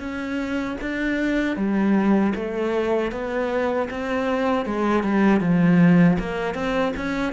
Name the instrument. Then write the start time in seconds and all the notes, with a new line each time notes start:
cello
0.00 C#4
0.81 D4
1.56 G3
2.35 A3
3.12 B3
3.91 C4
4.65 G#3
5.03 G3
5.41 F3
6.19 A#3
6.54 C4
6.97 C#4